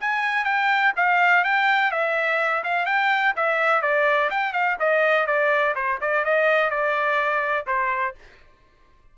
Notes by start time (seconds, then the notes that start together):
0.00 G#5
0.44 G5
0.96 F5
1.44 G5
1.91 E5
2.64 F5
2.85 G5
3.36 E5
3.82 D5
4.30 G5
4.53 F5
4.79 D#5
5.26 D5
5.75 C5
6.01 D5
6.24 D#5
6.70 D5
7.66 C5